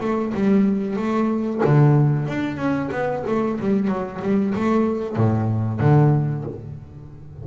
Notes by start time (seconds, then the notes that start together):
0.00 A3
0.34 G3
0.96 A3
1.64 D3
2.28 D4
2.57 C#4
2.91 B3
3.27 A3
3.60 G3
3.87 F#3
4.21 G3
4.55 A3
5.16 A2
5.80 D3